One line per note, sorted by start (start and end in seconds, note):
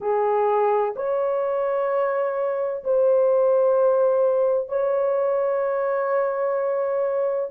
0.00 0.94 G#4
0.96 2.83 C#5
2.84 4.68 C5
4.68 7.49 C#5